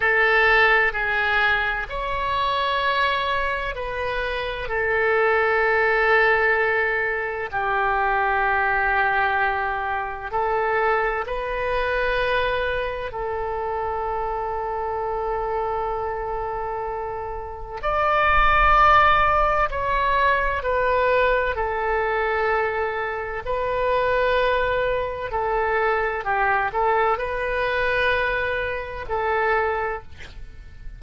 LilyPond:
\new Staff \with { instrumentName = "oboe" } { \time 4/4 \tempo 4 = 64 a'4 gis'4 cis''2 | b'4 a'2. | g'2. a'4 | b'2 a'2~ |
a'2. d''4~ | d''4 cis''4 b'4 a'4~ | a'4 b'2 a'4 | g'8 a'8 b'2 a'4 | }